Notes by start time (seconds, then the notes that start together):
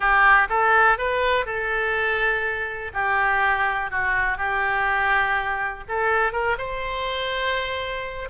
0.00 G4
0.49 A4
0.98 B4
1.45 A4
2.93 G4
3.90 F#4
4.37 G4
5.88 A4
6.32 A#4
6.57 C5